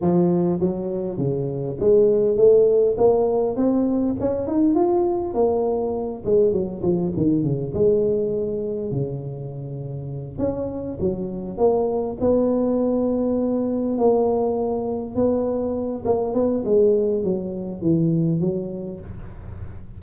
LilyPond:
\new Staff \with { instrumentName = "tuba" } { \time 4/4 \tempo 4 = 101 f4 fis4 cis4 gis4 | a4 ais4 c'4 cis'8 dis'8 | f'4 ais4. gis8 fis8 f8 | dis8 cis8 gis2 cis4~ |
cis4. cis'4 fis4 ais8~ | ais8 b2. ais8~ | ais4. b4. ais8 b8 | gis4 fis4 e4 fis4 | }